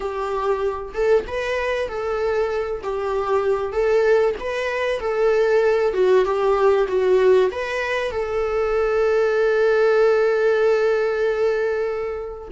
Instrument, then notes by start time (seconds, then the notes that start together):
viola
0.00 G4
0.93 A4
1.27 B4
1.88 A4
2.83 G4
3.72 A4
4.39 B4
5.00 A4
5.93 F#4
6.24 G4
6.88 F#4
7.51 B4
8.11 A4